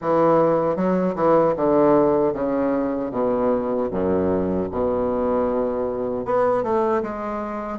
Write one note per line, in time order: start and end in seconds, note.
0.01 0.75 E3
0.75 1.14 F#3
1.15 1.54 E3
1.56 2.33 D3
2.33 3.11 C#3
3.11 3.89 B2
3.90 4.68 F#2
4.71 6.25 B2
6.25 6.63 B3
6.63 7.02 A3
7.02 7.78 G#3